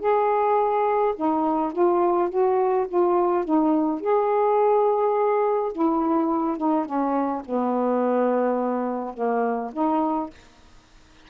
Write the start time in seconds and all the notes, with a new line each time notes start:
0.00 G#4
1.16 D#4
1.73 F4
2.30 F#4
2.88 F4
3.45 D#4
4.01 G#4
5.72 E4
6.58 D#4
6.85 C#4
7.45 B3
9.14 A#3
9.73 D#4